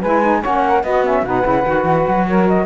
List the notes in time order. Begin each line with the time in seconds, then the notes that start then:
0.00 G#3 E4 B4 G#5
0.22 D#4
0.42 A#3 C#4 C#5 F#5
0.68 A#4
0.84 B3 F#4 D#5
1.04 C#4 E5
1.23 B2 D#4 B4 F#5
1.43 C#3 E4
1.64 D#3 F#4
1.85 E3
2.08 F#3
2.28 A#4 C#5
2.48 D#5